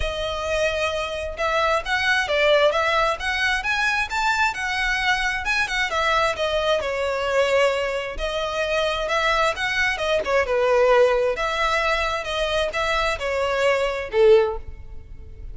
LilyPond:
\new Staff \with { instrumentName = "violin" } { \time 4/4 \tempo 4 = 132 dis''2. e''4 | fis''4 d''4 e''4 fis''4 | gis''4 a''4 fis''2 | gis''8 fis''8 e''4 dis''4 cis''4~ |
cis''2 dis''2 | e''4 fis''4 dis''8 cis''8 b'4~ | b'4 e''2 dis''4 | e''4 cis''2 a'4 | }